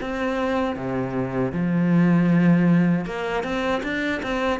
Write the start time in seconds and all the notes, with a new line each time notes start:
0.00 C4
0.76 C3
1.52 F3
3.05 A#3
3.43 C4
3.83 D4
4.22 C4